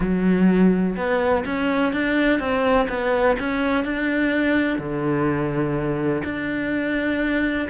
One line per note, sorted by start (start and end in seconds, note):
0.00 0.96 F#3
0.96 1.44 B3
1.45 1.92 C#4
1.92 2.39 D4
2.39 2.87 C4
2.88 3.36 B3
3.39 3.84 C#4
3.84 4.78 D4
4.78 6.22 D3
6.24 7.68 D4